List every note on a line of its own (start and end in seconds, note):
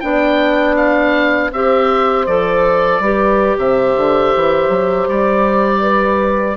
0.00 1.51 B3
0.00 1.51 D4
0.00 1.53 D5
0.00 0.75 G5
0.76 1.51 F5
1.51 2.26 C4
1.51 2.27 G4
1.51 3.03 C5
1.51 2.26 E5
2.26 2.99 F3
2.26 3.02 A4
2.26 3.57 D5
2.99 3.55 G3
2.99 6.57 G4
2.99 3.58 B4
3.57 3.94 C3
3.57 5.81 C5
3.57 5.08 E5
3.96 4.34 D3
4.35 4.68 E3
4.68 5.06 F#3
5.08 6.57 G3
5.08 6.57 D5
5.81 6.56 B4